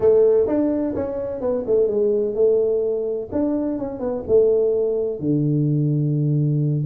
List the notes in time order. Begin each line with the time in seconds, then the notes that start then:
0.00 A3
0.47 D4
0.95 C#4
1.40 B3
1.66 A3
1.87 G#3
2.34 A3
3.32 D4
3.78 C#4
3.99 B3
4.27 A3
5.19 D3